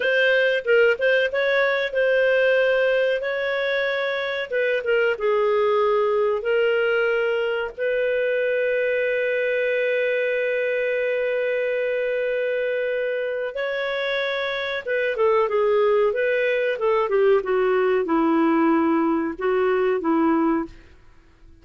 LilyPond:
\new Staff \with { instrumentName = "clarinet" } { \time 4/4 \tempo 4 = 93 c''4 ais'8 c''8 cis''4 c''4~ | c''4 cis''2 b'8 ais'8 | gis'2 ais'2 | b'1~ |
b'1~ | b'4 cis''2 b'8 a'8 | gis'4 b'4 a'8 g'8 fis'4 | e'2 fis'4 e'4 | }